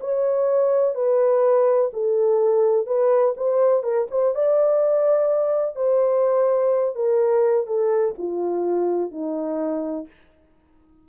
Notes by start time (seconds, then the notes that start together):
0.00 C#5
0.94 B4
1.93 A4
2.86 B4
3.36 C5
3.83 A#4
4.10 C5
4.34 D5
5.75 C5
6.95 A#4
7.66 A4
8.18 F4
9.11 D#4